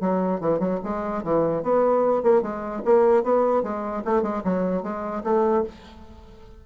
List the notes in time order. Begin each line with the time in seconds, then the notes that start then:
0.00 F#3
0.40 E3
0.59 F#3
0.83 G#3
1.23 E3
1.62 B3
2.23 A#3
2.42 G#3
2.85 A#3
3.23 B3
3.63 G#3
4.05 A3
4.22 G#3
4.44 F#3
4.82 G#3
5.23 A3